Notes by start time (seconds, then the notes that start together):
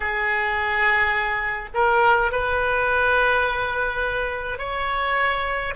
0.00 G#4
1.74 A#4
2.31 B4
4.58 C#5